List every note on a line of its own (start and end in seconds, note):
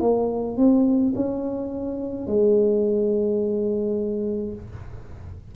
0.00 0.57 A#3
0.57 1.13 C4
1.15 2.27 C#4
2.27 4.53 G#3